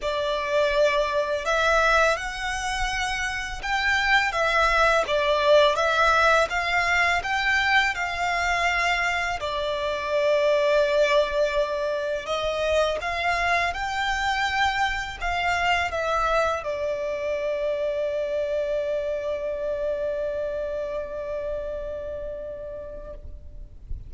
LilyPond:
\new Staff \with { instrumentName = "violin" } { \time 4/4 \tempo 4 = 83 d''2 e''4 fis''4~ | fis''4 g''4 e''4 d''4 | e''4 f''4 g''4 f''4~ | f''4 d''2.~ |
d''4 dis''4 f''4 g''4~ | g''4 f''4 e''4 d''4~ | d''1~ | d''1 | }